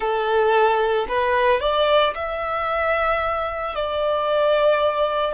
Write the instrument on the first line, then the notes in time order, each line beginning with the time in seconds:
violin
0.00 A4
1.08 B4
1.60 D5
2.14 E5
3.75 D5